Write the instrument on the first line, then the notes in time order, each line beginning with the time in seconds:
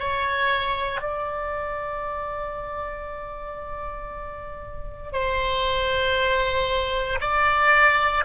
oboe
0.00 C#5
1.01 D5
5.13 C5
7.21 D5